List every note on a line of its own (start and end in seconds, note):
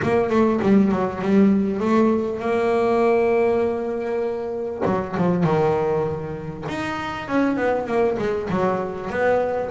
0.02 0.29 A#3
0.29 0.60 A3
0.62 0.91 G3
0.91 1.21 F#3
1.21 1.79 G3
1.79 2.39 A3
2.39 4.82 A#3
4.85 5.15 F#3
5.16 5.43 F3
5.43 6.64 D#3
6.68 7.28 D#4
7.28 7.56 C#4
7.56 7.86 B3
7.86 8.17 A#3
8.18 8.48 G#3
8.49 9.09 F#3
9.09 9.70 B3